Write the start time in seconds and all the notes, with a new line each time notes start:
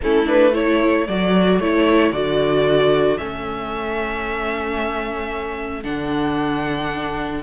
0.03 A3 C#4 E4 A4
0.25 D4 B4
0.53 E4 A4 C#5
1.07 F#3 F#4 D5
1.59 A3 E4 C#5
2.12 D3 F#4 D5
3.17 A3 C#4 E5
5.83 D3 D4 F#5